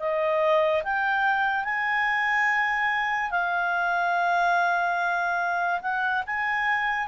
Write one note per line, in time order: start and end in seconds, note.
0.00 0.83 D#5
0.84 1.65 G5
1.65 3.31 G#5
3.31 5.81 F5
5.82 6.24 F#5
6.27 7.08 G#5